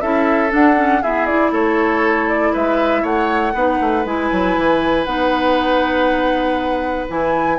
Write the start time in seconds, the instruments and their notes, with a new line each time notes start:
0.00 bassoon C#4, clarinet E4, oboe A4, flute E5
0.49 clarinet D4, bassoon D4, flute F#5
0.76 clarinet C#4
1.01 clarinet B3, bassoon E4, oboe G#4, flute E5
1.26 clarinet E4, flute D5
1.51 bassoon A3, oboe A4, flute C#5
2.28 flute D5
2.53 bassoon G#3, oboe B4, flute E5
3.02 bassoon A3, oboe C#5, flute F#5
3.54 bassoon B3, clarinet D#4, oboe B4
3.80 bassoon A3
4.05 bassoon G#3, clarinet E4, flute G#5
4.31 bassoon F#3
4.57 bassoon E3
5.04 bassoon B3, clarinet D#4, flute F#5
7.08 bassoon E3, clarinet E4, flute G#5